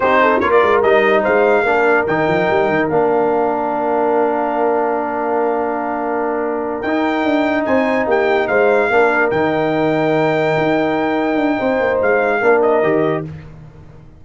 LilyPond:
<<
  \new Staff \with { instrumentName = "trumpet" } { \time 4/4 \tempo 4 = 145 c''4 cis''16 d''8. dis''4 f''4~ | f''4 g''2 f''4~ | f''1~ | f''1~ |
f''8 g''2 gis''4 g''8~ | g''8 f''2 g''4.~ | g''1~ | g''4 f''4. dis''4. | }
  \new Staff \with { instrumentName = "horn" } { \time 4/4 g'8 a'8 ais'2 c''4 | ais'1~ | ais'1~ | ais'1~ |
ais'2~ ais'8 c''4 g'8~ | g'8 c''4 ais'2~ ais'8~ | ais'1 | c''2 ais'2 | }
  \new Staff \with { instrumentName = "trombone" } { \time 4/4 dis'4 f'4 dis'2 | d'4 dis'2 d'4~ | d'1~ | d'1~ |
d'8 dis'2.~ dis'8~ | dis'4. d'4 dis'4.~ | dis'1~ | dis'2 d'4 g'4 | }
  \new Staff \with { instrumentName = "tuba" } { \time 4/4 c'4 ais8 gis8 g4 gis4 | ais4 dis8 f8 g8 dis8 ais4~ | ais1~ | ais1~ |
ais8 dis'4 d'4 c'4 ais8~ | ais8 gis4 ais4 dis4.~ | dis4. dis'2 d'8 | c'8 ais8 gis4 ais4 dis4 | }
>>